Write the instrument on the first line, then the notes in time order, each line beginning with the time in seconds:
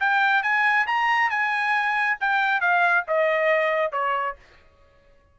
trumpet
0.00 G5
0.43 G#5
0.87 A#5
1.30 G#5
2.20 G5
2.61 F5
3.08 D#5
3.92 C#5